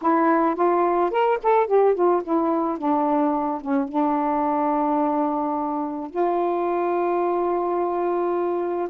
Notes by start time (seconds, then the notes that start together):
0.02 E4
0.55 F4
1.10 A#4
1.43 A4
1.67 G4
1.94 F4
2.23 E4
2.78 D4
3.61 C#4
3.88 D4
6.10 F4